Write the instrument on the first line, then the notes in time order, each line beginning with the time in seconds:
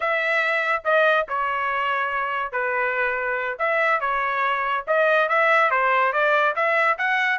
trumpet
0.00 E5
0.84 D#5
1.28 C#5
2.52 B4
3.58 E5
4.00 C#5
4.87 D#5
5.28 E5
5.71 C5
6.12 D5
6.55 E5
6.98 F#5